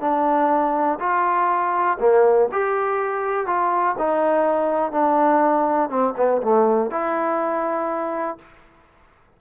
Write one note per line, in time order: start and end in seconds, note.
0.00 0.98 D4
0.99 1.98 F4
1.99 2.48 A#3
2.52 3.46 G4
3.46 3.95 F4
3.98 4.91 D#4
4.91 5.89 D4
5.89 6.14 C4
6.17 6.41 B3
6.42 6.90 A3
6.90 8.38 E4